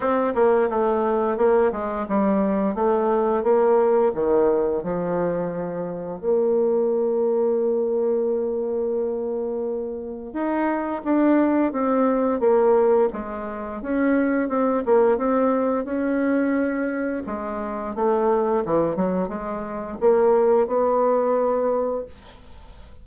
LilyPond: \new Staff \with { instrumentName = "bassoon" } { \time 4/4 \tempo 4 = 87 c'8 ais8 a4 ais8 gis8 g4 | a4 ais4 dis4 f4~ | f4 ais2.~ | ais2. dis'4 |
d'4 c'4 ais4 gis4 | cis'4 c'8 ais8 c'4 cis'4~ | cis'4 gis4 a4 e8 fis8 | gis4 ais4 b2 | }